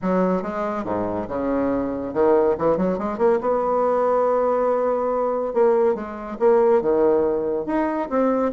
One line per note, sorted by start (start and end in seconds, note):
0.01 0.42 F#3
0.42 0.84 G#3
0.84 1.27 G#2
1.28 2.13 C#3
2.13 2.56 D#3
2.58 2.77 E3
2.77 2.98 F#3
2.98 3.18 G#3
3.18 3.39 A#3
3.40 5.53 B3
5.53 5.94 A#3
5.94 6.37 G#3
6.39 6.81 A#3
6.81 7.66 D#3
7.66 8.08 D#4
8.09 8.52 C4